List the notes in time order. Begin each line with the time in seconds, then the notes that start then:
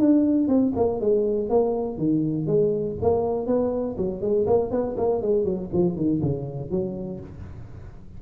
0.00 D4
0.48 C4
0.76 A#3
1.01 G#3
1.50 A#3
1.98 D#3
2.47 G#3
3.02 A#3
3.47 B3
3.98 F#3
4.22 G#3
4.47 A#3
4.71 B3
4.97 A#3
5.22 G#3
5.45 F#3
5.74 F3
5.97 D#3
6.22 C#3
6.71 F#3